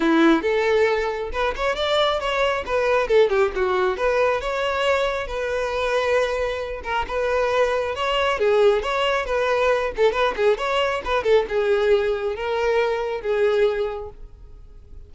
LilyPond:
\new Staff \with { instrumentName = "violin" } { \time 4/4 \tempo 4 = 136 e'4 a'2 b'8 cis''8 | d''4 cis''4 b'4 a'8 g'8 | fis'4 b'4 cis''2 | b'2.~ b'8 ais'8 |
b'2 cis''4 gis'4 | cis''4 b'4. a'8 b'8 gis'8 | cis''4 b'8 a'8 gis'2 | ais'2 gis'2 | }